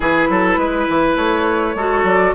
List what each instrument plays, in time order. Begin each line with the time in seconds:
0.00 bassoon E3, clarinet E4, oboe G#4, flute B4
0.29 bassoon F#3, oboe A4
0.57 bassoon G#3, oboe B4
0.89 bassoon E3
1.15 bassoon A3, flute C#5
1.74 bassoon G#3, clarinet F#4, oboe A4
2.03 bassoon F#3, flute D5